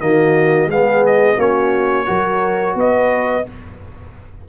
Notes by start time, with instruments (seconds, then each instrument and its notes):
0.00 tuba D#3, trombone A#3, horn F#4, trumpet D#5
0.67 tuba G#3, trombone B3, horn G#4, trumpet F5
1.06 trumpet D#5
1.36 tuba A#3, trombone C#4, horn F#4, trumpet C#5
2.06 tuba F#3, trombone F#4, horn A#4
2.75 tuba B3, horn B4, trumpet D#5